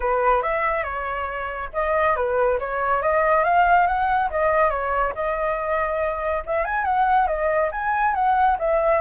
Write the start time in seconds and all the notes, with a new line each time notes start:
0.00 B4
0.42 E5
0.83 C#5
1.73 D#5
2.15 B4
2.59 C#5
3.02 D#5
3.43 F5
3.86 F#5
4.30 D#5
4.70 C#5
5.14 D#5
6.46 E5
6.64 G#5
6.84 F#5
7.27 D#5
7.71 G#5
8.14 F#5
8.59 E5